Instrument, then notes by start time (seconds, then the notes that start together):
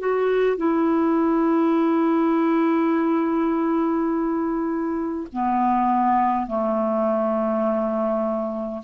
clarinet
0.00 F#4
0.57 E4
5.33 B3
6.47 A3